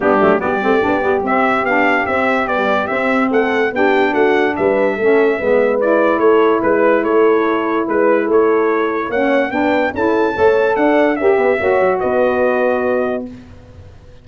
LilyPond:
<<
  \new Staff \with { instrumentName = "trumpet" } { \time 4/4 \tempo 4 = 145 g'4 d''2 e''4 | f''4 e''4 d''4 e''4 | fis''4 g''4 fis''4 e''4~ | e''2 d''4 cis''4 |
b'4 cis''2 b'4 | cis''2 fis''4 g''4 | a''2 fis''4 e''4~ | e''4 dis''2. | }
  \new Staff \with { instrumentName = "horn" } { \time 4/4 d'4 g'2.~ | g'1 | a'4 g'4 fis'4 b'4 | a'4 b'2 a'4 |
b'4 a'2 b'4 | a'2 cis''4 b'4 | a'4 cis''4 d''4 ais'8 b'8 | cis''4 b'2. | }
  \new Staff \with { instrumentName = "saxophone" } { \time 4/4 b8 a8 b8 c'8 d'8 b8 c'4 | d'4 c'4 g4 c'4~ | c'4 d'2. | cis'4 b4 e'2~ |
e'1~ | e'2 cis'4 d'4 | e'4 a'2 g'4 | fis'1 | }
  \new Staff \with { instrumentName = "tuba" } { \time 4/4 g8 fis8 g8 a8 b8 g8 c'4 | b4 c'4 b4 c'4 | a4 b4 a4 g4 | a4 gis2 a4 |
gis4 a2 gis4 | a2 ais4 b4 | cis'4 a4 d'4 cis'8 b8 | ais8 fis8 b2. | }
>>